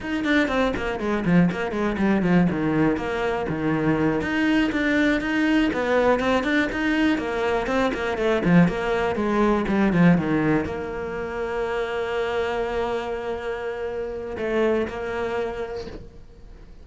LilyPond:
\new Staff \with { instrumentName = "cello" } { \time 4/4 \tempo 4 = 121 dis'8 d'8 c'8 ais8 gis8 f8 ais8 gis8 | g8 f8 dis4 ais4 dis4~ | dis8 dis'4 d'4 dis'4 b8~ | b8 c'8 d'8 dis'4 ais4 c'8 |
ais8 a8 f8 ais4 gis4 g8 | f8 dis4 ais2~ ais8~ | ais1~ | ais4 a4 ais2 | }